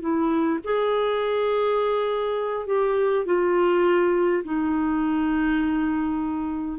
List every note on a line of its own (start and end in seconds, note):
0.00 0.59 E4
0.64 2.66 G#4
2.66 3.25 G4
3.25 4.43 F4
4.44 6.78 D#4